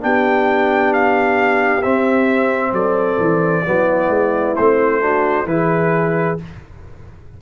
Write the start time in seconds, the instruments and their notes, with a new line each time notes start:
0.00 tuba B3, trombone D4, horn G4, trumpet G5
0.93 trumpet F5
1.82 trombone C4, tuba C4, trumpet E5
2.72 tuba F#3, horn A4, trumpet D5
3.19 tuba E3
3.65 tuba F#3, trombone B3, horn E4
4.09 tuba G#3
4.56 tuba A3, trombone C4, trumpet C5
5.01 trombone D4, horn F#4
5.45 tuba E3, trombone E4, horn G#4, trumpet B4